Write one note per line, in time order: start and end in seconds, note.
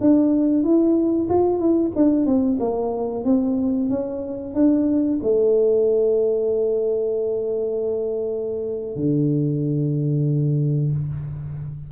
0.00 0.63 D4
0.63 1.28 E4
1.29 1.59 F4
1.59 1.91 E4
1.95 2.25 D4
2.25 2.58 C4
2.59 3.24 A#3
3.24 3.89 C4
3.89 4.54 C#4
4.54 5.19 D4
5.22 8.96 A3
8.96 10.91 D3